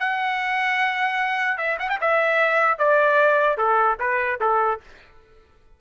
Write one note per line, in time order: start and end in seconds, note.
0.00 1.58 F#5
1.58 1.78 E5
1.80 1.90 F#5
1.90 2.00 G5
2.01 2.79 E5
2.79 3.58 D5
3.58 3.98 A4
4.00 4.40 B4
4.41 4.81 A4